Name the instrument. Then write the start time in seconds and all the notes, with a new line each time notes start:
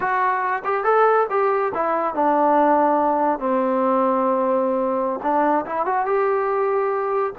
trombone
0.00 F#4
0.64 G4
0.84 A4
1.30 G4
1.74 E4
2.14 D4
3.39 C4
5.22 D4
5.65 E4
5.85 F#4
6.05 G4